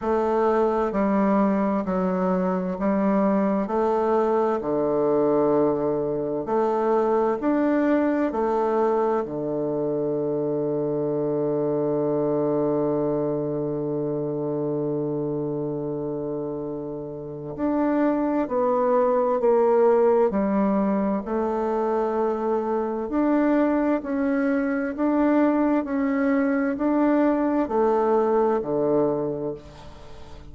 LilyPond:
\new Staff \with { instrumentName = "bassoon" } { \time 4/4 \tempo 4 = 65 a4 g4 fis4 g4 | a4 d2 a4 | d'4 a4 d2~ | d1~ |
d2. d'4 | b4 ais4 g4 a4~ | a4 d'4 cis'4 d'4 | cis'4 d'4 a4 d4 | }